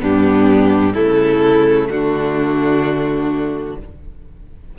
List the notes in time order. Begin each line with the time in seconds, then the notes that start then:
0.00 G2 B3 D4 G4
0.95 C#3 A3 E4 A4
1.89 D3 D4 F#4